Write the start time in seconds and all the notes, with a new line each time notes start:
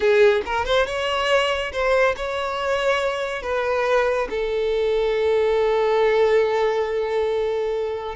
0.00 G#4
0.45 A#4
0.65 C5
0.86 C#5
1.72 C5
2.16 C#5
3.42 B4
4.30 A4